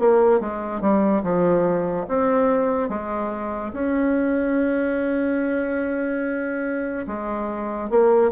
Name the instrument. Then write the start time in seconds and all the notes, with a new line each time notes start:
bassoon
0.00 A#3
0.41 G#3
0.81 G3
1.23 F3
2.09 C4
2.89 G#3
3.73 C#4
7.08 G#3
7.90 A#3